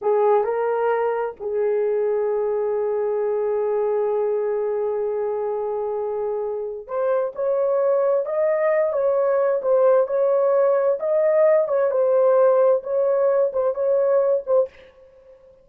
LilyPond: \new Staff \with { instrumentName = "horn" } { \time 4/4 \tempo 4 = 131 gis'4 ais'2 gis'4~ | gis'1~ | gis'1~ | gis'2. c''4 |
cis''2 dis''4. cis''8~ | cis''4 c''4 cis''2 | dis''4. cis''8 c''2 | cis''4. c''8 cis''4. c''8 | }